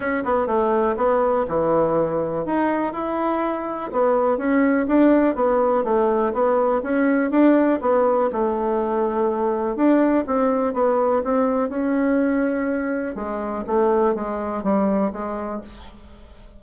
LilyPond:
\new Staff \with { instrumentName = "bassoon" } { \time 4/4 \tempo 4 = 123 cis'8 b8 a4 b4 e4~ | e4 dis'4 e'2 | b4 cis'4 d'4 b4 | a4 b4 cis'4 d'4 |
b4 a2. | d'4 c'4 b4 c'4 | cis'2. gis4 | a4 gis4 g4 gis4 | }